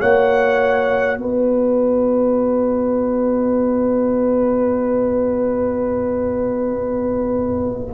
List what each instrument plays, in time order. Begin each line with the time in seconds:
0.00 tuba A#3, trombone F#4, horn C#5, trumpet F#5
1.18 tuba B3, horn B4, trumpet D#5